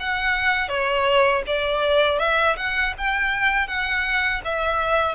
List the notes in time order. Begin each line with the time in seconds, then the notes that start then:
0.00 F#5
0.69 C#5
1.47 D5
2.19 E5
2.57 F#5
2.98 G5
3.67 F#5
4.45 E5